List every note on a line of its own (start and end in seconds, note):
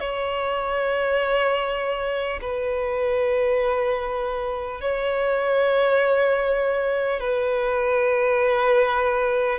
0.00 2.40 C#5
2.41 4.81 B4
4.81 7.21 C#5
7.21 9.59 B4